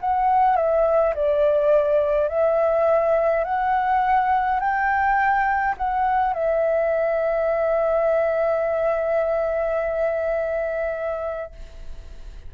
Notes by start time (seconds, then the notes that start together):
0.00 F#5
0.56 E5
1.14 D5
2.29 E5
3.44 F#5
4.59 G5
5.77 F#5
6.34 E5